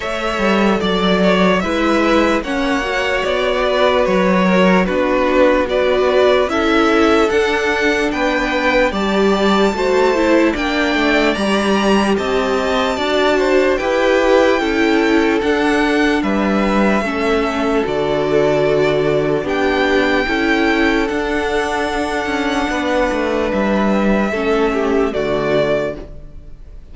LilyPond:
<<
  \new Staff \with { instrumentName = "violin" } { \time 4/4 \tempo 4 = 74 e''4 d''4 e''4 fis''4 | d''4 cis''4 b'4 d''4 | e''4 fis''4 g''4 a''4~ | a''4 g''4 ais''4 a''4~ |
a''4 g''2 fis''4 | e''2 d''2 | g''2 fis''2~ | fis''4 e''2 d''4 | }
  \new Staff \with { instrumentName = "violin" } { \time 4/4 cis''4 d''8 cis''8 b'4 cis''4~ | cis''8 b'4 ais'8 fis'4 b'4 | a'2 b'4 d''4 | c''4 d''2 dis''4 |
d''8 c''8 b'4 a'2 | b'4 a'2. | g'4 a'2. | b'2 a'8 g'8 fis'4 | }
  \new Staff \with { instrumentName = "viola" } { \time 4/4 a'2 e'4 cis'8 fis'8~ | fis'2 d'4 fis'4 | e'4 d'2 g'4 | fis'8 e'8 d'4 g'2 |
fis'4 g'4 e'4 d'4~ | d'4 cis'4 fis'2 | d'4 e'4 d'2~ | d'2 cis'4 a4 | }
  \new Staff \with { instrumentName = "cello" } { \time 4/4 a8 g8 fis4 gis4 ais4 | b4 fis4 b2 | cis'4 d'4 b4 g4 | a4 ais8 a8 g4 c'4 |
d'4 e'4 cis'4 d'4 | g4 a4 d2 | b4 cis'4 d'4. cis'8 | b8 a8 g4 a4 d4 | }
>>